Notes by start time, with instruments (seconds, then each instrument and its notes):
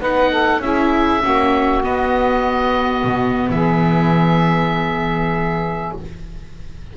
0.00 double bass B3, viola D#4, saxophone B4, oboe F#5
0.31 saxophone A4
0.58 double bass C#4, saxophone G#4, oboe E5
0.65 viola E4
1.22 double bass A#3, viola C#4, saxophone F#4
1.83 viola B3, double bass B3, oboe D#5
3.04 double bass B2
3.50 double bass E3, saxophone G#4, oboe E5